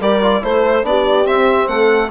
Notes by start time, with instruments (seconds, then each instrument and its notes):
0.00 bassoon G3, trombone G4, horn A#4, violin D5
0.23 trombone F4
0.42 bassoon A3, trombone E4, horn A4, violin C5
0.83 bassoon B3, trombone D4, horn G4, violin D5
1.25 trombone C4, bassoon C4, violin E5
1.68 bassoon A3, horn A4, violin F#5